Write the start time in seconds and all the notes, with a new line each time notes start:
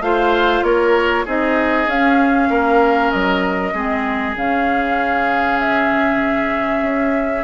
0.00 A3 F4 C5 F5
0.63 A#3 A#4 C#5
1.25 C4 D#4 G#4 D#5
1.87 C#4 F5
2.50 A#3 A#4
3.11 F#3 D#5
3.73 G#3 C4 G#4
4.35 C#3 C#4 F5
5.60 E5
6.82 C#4